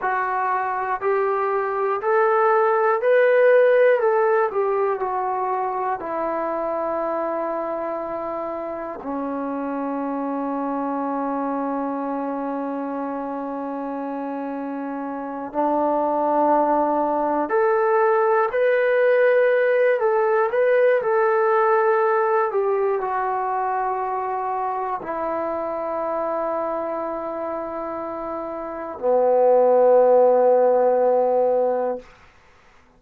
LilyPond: \new Staff \with { instrumentName = "trombone" } { \time 4/4 \tempo 4 = 60 fis'4 g'4 a'4 b'4 | a'8 g'8 fis'4 e'2~ | e'4 cis'2.~ | cis'2.~ cis'8 d'8~ |
d'4. a'4 b'4. | a'8 b'8 a'4. g'8 fis'4~ | fis'4 e'2.~ | e'4 b2. | }